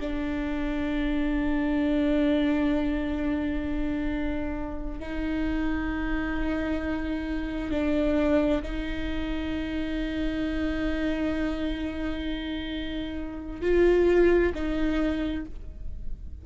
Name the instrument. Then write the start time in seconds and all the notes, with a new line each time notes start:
viola
0.00 D4
5.00 D#4
7.71 D4
8.62 D#4
13.61 F4
14.54 D#4